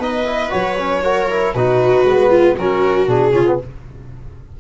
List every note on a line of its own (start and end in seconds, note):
0.00 0.51 B3
0.00 0.26 D#4
0.00 1.03 B4
0.00 0.53 D#5
0.26 0.50 E4
0.50 1.55 F#3
0.50 0.76 F#4
0.50 1.54 C#5
0.78 1.04 C#4
1.04 1.29 F#4
1.04 1.55 A#4
1.30 1.55 E4
1.54 2.05 B2
1.54 2.07 D#4
1.54 2.30 F#4
1.54 2.57 B4
2.05 2.56 G#3
2.05 2.58 B3
2.30 2.56 F4
2.56 3.08 F#3
2.56 3.08 C#4
2.56 3.33 F#4
2.56 3.09 A#4
3.08 3.33 B2
3.08 3.32 D4
3.08 3.61 G#4
3.32 3.59 C#3
3.32 3.45 C#4
3.32 3.60 F4
3.47 3.60 B3